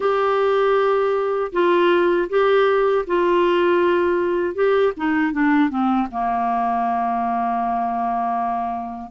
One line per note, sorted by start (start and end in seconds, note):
0.00 1.52 G4
1.52 2.28 F4
2.29 3.05 G4
3.06 4.54 F4
4.54 4.92 G4
4.96 5.32 D#4
5.32 5.69 D4
5.69 6.07 C4
6.11 9.11 A#3